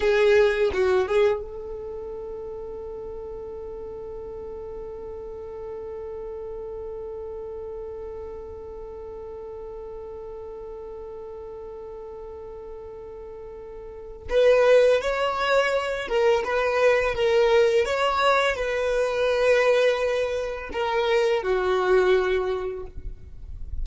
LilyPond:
\new Staff \with { instrumentName = "violin" } { \time 4/4 \tempo 4 = 84 gis'4 fis'8 gis'8 a'2~ | a'1~ | a'1~ | a'1~ |
a'1 | b'4 cis''4. ais'8 b'4 | ais'4 cis''4 b'2~ | b'4 ais'4 fis'2 | }